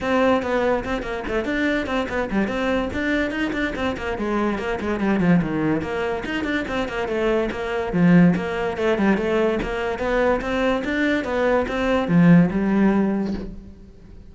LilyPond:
\new Staff \with { instrumentName = "cello" } { \time 4/4 \tempo 4 = 144 c'4 b4 c'8 ais8 a8 d'8~ | d'8 c'8 b8 g8 c'4 d'4 | dis'8 d'8 c'8 ais8 gis4 ais8 gis8 | g8 f8 dis4 ais4 dis'8 d'8 |
c'8 ais8 a4 ais4 f4 | ais4 a8 g8 a4 ais4 | b4 c'4 d'4 b4 | c'4 f4 g2 | }